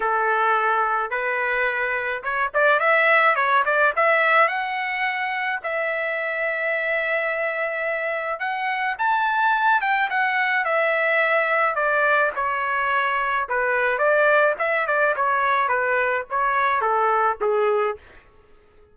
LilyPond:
\new Staff \with { instrumentName = "trumpet" } { \time 4/4 \tempo 4 = 107 a'2 b'2 | cis''8 d''8 e''4 cis''8 d''8 e''4 | fis''2 e''2~ | e''2. fis''4 |
a''4. g''8 fis''4 e''4~ | e''4 d''4 cis''2 | b'4 d''4 e''8 d''8 cis''4 | b'4 cis''4 a'4 gis'4 | }